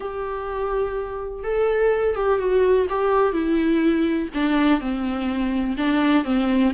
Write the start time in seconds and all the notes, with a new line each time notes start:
0.00 G4
1.43 A4
2.15 G4
2.38 F#4
2.89 G4
3.33 E4
4.34 D4
4.80 C4
5.77 D4
6.24 C4